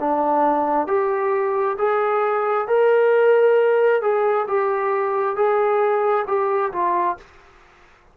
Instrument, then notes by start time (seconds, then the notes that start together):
trombone
0.00 D4
0.88 G4
1.78 G#4
2.68 A#4
4.02 G#4
4.48 G4
5.36 G#4
6.28 G4
6.72 F4